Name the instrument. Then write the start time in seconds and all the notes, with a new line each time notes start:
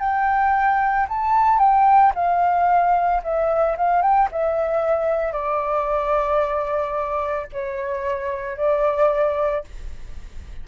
flute
0.00 G5
1.09 A5
1.59 G5
2.15 F5
3.23 E5
3.77 F5
4.02 G5
4.32 E5
5.33 D5
7.52 C#5
8.57 D5